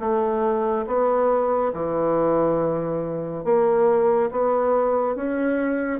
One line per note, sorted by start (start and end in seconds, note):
0.00 0.86 A3
0.87 1.73 B3
1.73 3.44 E3
3.44 4.30 A#3
4.31 5.16 B3
5.16 6.00 C#4